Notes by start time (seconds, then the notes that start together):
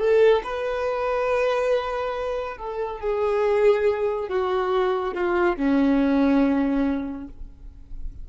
0.00 A4
0.44 B4
2.58 A4
3.00 G#4
4.29 F#4
5.14 F4
5.57 C#4